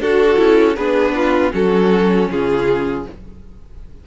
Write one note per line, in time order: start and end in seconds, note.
0.00 0.38 D4
0.00 0.36 F#4
0.00 0.76 F#4
0.00 0.76 A4
0.36 0.76 C#4
0.36 0.74 E4
0.76 1.52 B3
0.76 1.51 D4
0.76 1.14 G#4
0.76 1.52 B4
1.15 1.53 F4
1.51 2.29 F#3
1.51 3.03 C#4
1.51 2.29 F#4
1.51 2.30 A4
2.30 3.06 C#3
2.30 3.06 F4
2.30 3.07 G#4